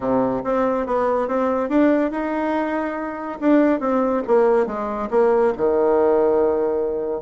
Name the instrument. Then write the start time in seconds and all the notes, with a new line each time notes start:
bassoon
0.00 C3
0.44 C4
0.86 B3
1.28 C4
1.69 D4
2.11 D#4
3.40 D4
3.80 C4
4.27 A#3
4.66 G#3
5.10 A#3
5.57 D#3